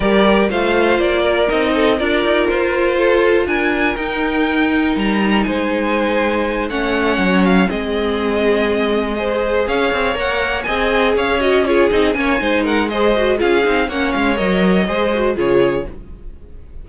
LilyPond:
<<
  \new Staff \with { instrumentName = "violin" } { \time 4/4 \tempo 4 = 121 d''4 f''4 d''4 dis''4 | d''4 c''2 gis''4 | g''2 ais''4 gis''4~ | gis''4. fis''4. f''8 dis''8~ |
dis''2.~ dis''8 f''8~ | f''8 fis''4 gis''4 f''8 dis''8 cis''8 | dis''8 gis''4 fis''8 dis''4 f''4 | fis''8 f''8 dis''2 cis''4 | }
  \new Staff \with { instrumentName = "violin" } { \time 4/4 ais'4 c''4. ais'4 a'8 | ais'2 a'4 ais'4~ | ais'2. c''4~ | c''4. cis''2 gis'8~ |
gis'2~ gis'8 c''4 cis''8~ | cis''4. dis''4 cis''4 gis'8~ | gis'8 cis''8 c''8 ais'8 c''4 gis'4 | cis''2 c''4 gis'4 | }
  \new Staff \with { instrumentName = "viola" } { \time 4/4 g'4 f'2 dis'4 | f'1 | dis'1~ | dis'4. cis'2 c'8~ |
c'2~ c'8 gis'4.~ | gis'8 ais'4 gis'4. fis'8 f'8 | dis'8 cis'8 dis'4 gis'8 fis'8 f'8 dis'8 | cis'4 ais'4 gis'8 fis'8 f'4 | }
  \new Staff \with { instrumentName = "cello" } { \time 4/4 g4 a4 ais4 c'4 | d'8 dis'8 f'2 d'4 | dis'2 g4 gis4~ | gis4. a4 fis4 gis8~ |
gis2.~ gis8 cis'8 | c'8 ais4 c'4 cis'4. | c'8 ais8 gis2 cis'8 c'8 | ais8 gis8 fis4 gis4 cis4 | }
>>